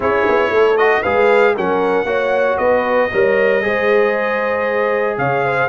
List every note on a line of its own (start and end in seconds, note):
0.00 0.25 C#4
0.00 0.74 E4
0.00 0.51 G#4
0.00 0.77 C#5
0.28 0.49 B3
0.49 1.01 A3
0.49 1.01 A4
0.77 1.03 F#4
0.77 1.03 D#5
1.01 1.56 G#3
1.01 1.56 G#4
1.01 1.53 B4
1.01 1.54 F5
1.55 2.04 F#3
1.55 2.06 C#4
1.55 2.06 A#4
1.55 2.57 F#5
2.04 2.55 A#3
2.04 3.09 F#4
2.04 2.58 C#5
2.57 3.11 B3
2.57 3.10 B4
2.57 5.16 D#5
3.11 3.64 G3
3.11 3.62 A#4
3.11 3.63 C#5
3.62 5.17 G#3
3.62 5.69 G#4
3.62 5.18 C5
5.17 5.69 C#3
5.17 5.44 C#5
5.17 5.69 F5
5.44 5.69 C5